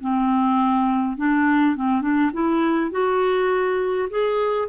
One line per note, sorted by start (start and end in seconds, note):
0.00 1.17 C4
1.17 1.75 D4
1.75 2.01 C4
2.01 2.30 D4
2.33 2.90 E4
2.90 4.08 F#4
4.10 4.68 G#4